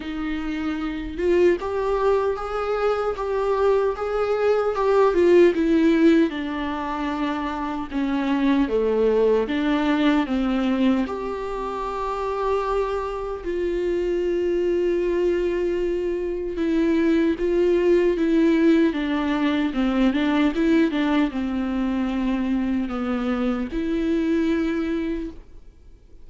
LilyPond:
\new Staff \with { instrumentName = "viola" } { \time 4/4 \tempo 4 = 76 dis'4. f'8 g'4 gis'4 | g'4 gis'4 g'8 f'8 e'4 | d'2 cis'4 a4 | d'4 c'4 g'2~ |
g'4 f'2.~ | f'4 e'4 f'4 e'4 | d'4 c'8 d'8 e'8 d'8 c'4~ | c'4 b4 e'2 | }